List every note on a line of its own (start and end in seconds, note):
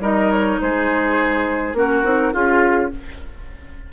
0.00 0.58 G3
0.00 1.73 D#4
0.00 0.59 A#4
0.00 0.31 D#5
0.31 0.59 C#5
0.60 1.73 G#3
0.60 1.77 G#4
0.60 1.76 C5
1.73 2.02 A#3
1.73 2.03 C#4
1.73 2.33 F#4
1.73 2.34 A#4
2.03 2.33 C4
2.03 2.32 D#4
2.32 2.92 C#4
2.32 2.90 F4
2.32 2.91 F4
2.32 2.91 G#4